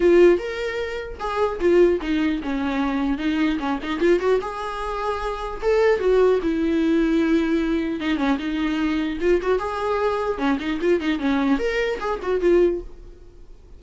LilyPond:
\new Staff \with { instrumentName = "viola" } { \time 4/4 \tempo 4 = 150 f'4 ais'2 gis'4 | f'4 dis'4 cis'2 | dis'4 cis'8 dis'8 f'8 fis'8 gis'4~ | gis'2 a'4 fis'4 |
e'1 | dis'8 cis'8 dis'2 f'8 fis'8 | gis'2 cis'8 dis'8 f'8 dis'8 | cis'4 ais'4 gis'8 fis'8 f'4 | }